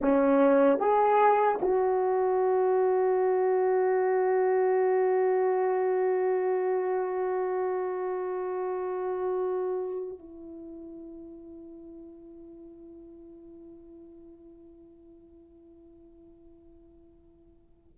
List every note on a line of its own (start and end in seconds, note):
0.01 0.79 C#4
0.79 1.59 G#4
1.61 10.19 F#4
10.19 17.98 E4